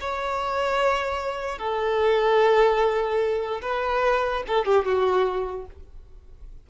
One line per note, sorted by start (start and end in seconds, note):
0.00 1.58 C#5
1.58 3.61 A4
3.62 4.43 B4
4.47 4.65 A4
4.65 4.85 G4
4.85 5.66 F#4